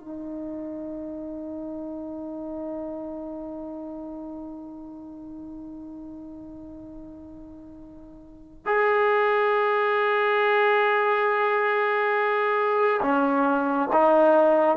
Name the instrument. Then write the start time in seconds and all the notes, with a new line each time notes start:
trombone
0.00 D#4
8.66 G#4
13.02 C#4
13.93 D#4